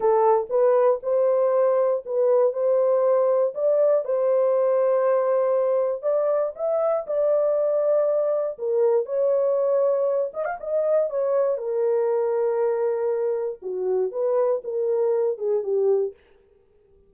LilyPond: \new Staff \with { instrumentName = "horn" } { \time 4/4 \tempo 4 = 119 a'4 b'4 c''2 | b'4 c''2 d''4 | c''1 | d''4 e''4 d''2~ |
d''4 ais'4 cis''2~ | cis''8 dis''16 f''16 dis''4 cis''4 ais'4~ | ais'2. fis'4 | b'4 ais'4. gis'8 g'4 | }